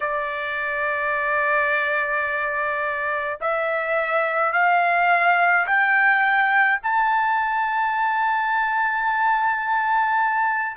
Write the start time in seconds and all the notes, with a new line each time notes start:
0.00 D5
3.41 E5
4.53 F5
5.67 G5
6.82 A5